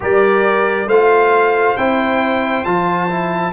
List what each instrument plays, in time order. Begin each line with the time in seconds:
0.00 tuba G3, trombone G4, horn A#4, trumpet D5
0.86 tuba A3, trombone F4, horn C5, trumpet F5
1.76 tuba C4, trombone E4, trumpet G5
2.64 tuba F3, trombone F4, trumpet A5
3.09 trombone E4